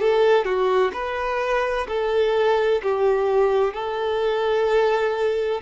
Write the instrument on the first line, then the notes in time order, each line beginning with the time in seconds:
violin
0.00 A4
0.44 F#4
0.93 B4
1.87 A4
2.83 G4
3.73 A4